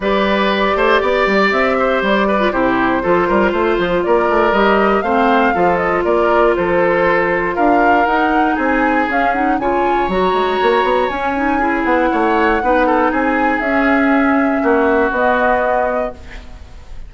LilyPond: <<
  \new Staff \with { instrumentName = "flute" } { \time 4/4 \tempo 4 = 119 d''2. e''4 | d''4 c''2. | d''4 dis''4 f''4. dis''8 | d''4 c''2 f''4 |
fis''4 gis''4 f''8 fis''8 gis''4 | ais''2 gis''4. fis''8~ | fis''2 gis''4 e''4~ | e''2 dis''2 | }
  \new Staff \with { instrumentName = "oboe" } { \time 4/4 b'4. c''8 d''4. c''8~ | c''8 b'8 g'4 a'8 ais'8 c''4 | ais'2 c''4 a'4 | ais'4 a'2 ais'4~ |
ais'4 gis'2 cis''4~ | cis''2. gis'4 | cis''4 b'8 a'8 gis'2~ | gis'4 fis'2. | }
  \new Staff \with { instrumentName = "clarinet" } { \time 4/4 g'1~ | g'8. f'16 e'4 f'2~ | f'4 g'4 c'4 f'4~ | f'1 |
dis'2 cis'8 dis'8 f'4 | fis'2 cis'8 dis'8 e'4~ | e'4 dis'2 cis'4~ | cis'2 b2 | }
  \new Staff \with { instrumentName = "bassoon" } { \time 4/4 g4. a8 b8 g8 c'4 | g4 c4 f8 g8 a8 f8 | ais8 a8 g4 a4 f4 | ais4 f2 d'4 |
dis'4 c'4 cis'4 cis4 | fis8 gis8 ais8 b8 cis'4. b8 | a4 b4 c'4 cis'4~ | cis'4 ais4 b2 | }
>>